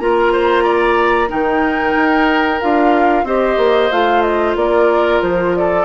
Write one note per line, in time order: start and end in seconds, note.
0.00 1.31 A#3
0.00 1.28 F4
0.00 0.33 A#4
0.00 1.30 A#5
0.33 0.64 C5
0.64 1.29 D5
1.28 1.96 D#3
1.28 2.58 D#4
1.28 3.25 A#4
1.28 2.61 G5
1.96 2.61 D#4
2.61 3.24 D4
2.61 3.27 F4
2.61 3.26 F5
3.24 3.57 C4
3.24 3.92 G4
3.24 4.57 C5
3.24 3.92 D#5
3.58 3.90 A#3
3.92 4.56 A3
3.92 5.86 F4
3.92 4.22 F5
4.22 4.55 D#5
4.56 5.21 A#3
4.56 5.59 A#4
4.56 5.23 D5
5.22 5.86 F3
5.22 5.56 C5
5.56 5.86 A4
5.56 5.86 D5